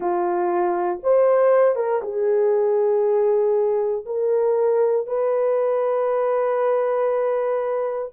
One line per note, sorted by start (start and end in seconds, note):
0.00 1.00 F4
1.03 1.75 C5
1.75 2.01 A#4
2.02 4.05 G#4
4.05 5.07 A#4
5.07 8.12 B4